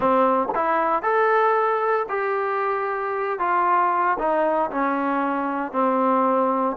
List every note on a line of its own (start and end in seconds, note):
0.00 0.48 C4
0.54 1.02 E4
1.02 2.06 A4
2.08 3.39 G4
3.39 4.17 F4
4.18 4.70 D#4
4.70 5.72 C#4
5.72 6.76 C4